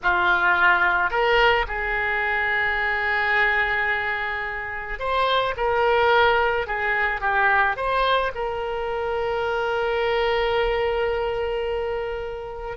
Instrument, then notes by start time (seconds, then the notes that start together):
oboe
0.03 F4
1.10 A#4
1.67 G#4
4.98 C5
5.57 A#4
6.66 G#4
7.20 G4
7.76 C5
8.34 A#4